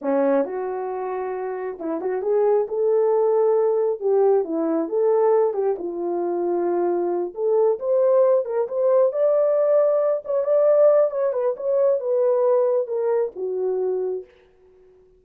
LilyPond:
\new Staff \with { instrumentName = "horn" } { \time 4/4 \tempo 4 = 135 cis'4 fis'2. | e'8 fis'8 gis'4 a'2~ | a'4 g'4 e'4 a'4~ | a'8 g'8 f'2.~ |
f'8 a'4 c''4. ais'8 c''8~ | c''8 d''2~ d''8 cis''8 d''8~ | d''4 cis''8 b'8 cis''4 b'4~ | b'4 ais'4 fis'2 | }